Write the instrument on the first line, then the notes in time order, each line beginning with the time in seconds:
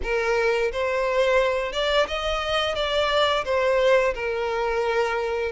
violin
0.02 A#4
0.72 C5
1.72 D5
2.07 D#5
2.75 D5
3.45 C5
4.14 A#4